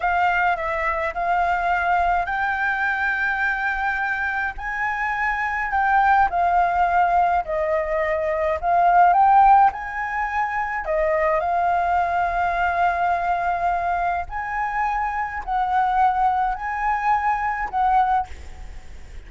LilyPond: \new Staff \with { instrumentName = "flute" } { \time 4/4 \tempo 4 = 105 f''4 e''4 f''2 | g''1 | gis''2 g''4 f''4~ | f''4 dis''2 f''4 |
g''4 gis''2 dis''4 | f''1~ | f''4 gis''2 fis''4~ | fis''4 gis''2 fis''4 | }